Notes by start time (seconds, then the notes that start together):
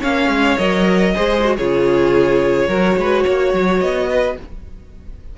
0.00 A#3 C#4 C#5 F5
0.28 G#3
0.58 F#3 A#4 D#5
1.15 G#3 G#4 C5
1.44 F#4
1.57 C#3 F4 G#4 C#5
2.68 F#3 F#4 A#4
2.96 G#3 B4
3.23 A#3 C#5
3.53 F#3
3.80 B3 D#5
4.10 B4